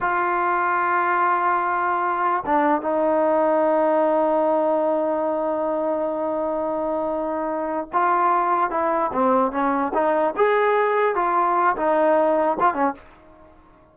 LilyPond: \new Staff \with { instrumentName = "trombone" } { \time 4/4 \tempo 4 = 148 f'1~ | f'2 d'4 dis'4~ | dis'1~ | dis'1~ |
dis'2.~ dis'8 f'8~ | f'4. e'4 c'4 cis'8~ | cis'8 dis'4 gis'2 f'8~ | f'4 dis'2 f'8 cis'8 | }